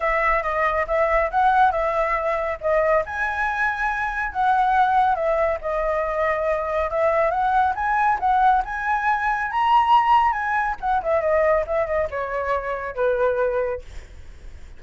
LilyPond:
\new Staff \with { instrumentName = "flute" } { \time 4/4 \tempo 4 = 139 e''4 dis''4 e''4 fis''4 | e''2 dis''4 gis''4~ | gis''2 fis''2 | e''4 dis''2. |
e''4 fis''4 gis''4 fis''4 | gis''2 ais''2 | gis''4 fis''8 e''8 dis''4 e''8 dis''8 | cis''2 b'2 | }